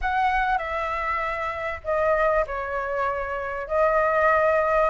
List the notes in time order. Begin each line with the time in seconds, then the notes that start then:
0.01 F#5
0.58 E5
1.84 D#5
2.46 C#5
3.67 D#5